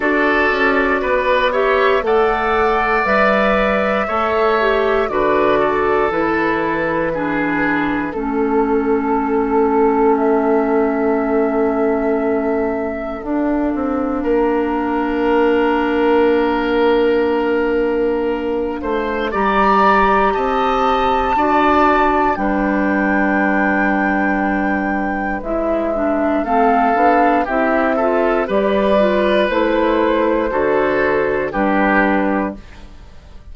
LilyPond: <<
  \new Staff \with { instrumentName = "flute" } { \time 4/4 \tempo 4 = 59 d''4. e''8 fis''4 e''4~ | e''4 d''4 b'2 | a'2 e''2~ | e''4 f''2.~ |
f''2. ais''4 | a''2 g''2~ | g''4 e''4 f''4 e''4 | d''4 c''2 b'4 | }
  \new Staff \with { instrumentName = "oboe" } { \time 4/4 a'4 b'8 cis''8 d''2 | cis''4 b'8 a'4. gis'4 | a'1~ | a'2 ais'2~ |
ais'2~ ais'8 c''8 d''4 | dis''4 d''4 b'2~ | b'2 a'4 g'8 a'8 | b'2 a'4 g'4 | }
  \new Staff \with { instrumentName = "clarinet" } { \time 4/4 fis'4. g'8 a'4 b'4 | a'8 g'8 fis'4 e'4 d'4 | cis'1~ | cis'4 d'2.~ |
d'2. g'4~ | g'4 fis'4 d'2~ | d'4 e'8 d'8 c'8 d'8 e'8 f'8 | g'8 f'8 e'4 fis'4 d'4 | }
  \new Staff \with { instrumentName = "bassoon" } { \time 4/4 d'8 cis'8 b4 a4 g4 | a4 d4 e2 | a1~ | a4 d'8 c'8 ais2~ |
ais2~ ais8 a8 g4 | c'4 d'4 g2~ | g4 gis4 a8 b8 c'4 | g4 a4 d4 g4 | }
>>